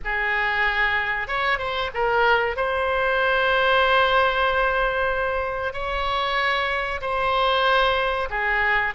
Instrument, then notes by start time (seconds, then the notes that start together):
oboe
0.04 G#4
1.27 C#5
1.58 C5
1.94 A#4
2.56 C5
5.73 C#5
7.01 C5
8.30 G#4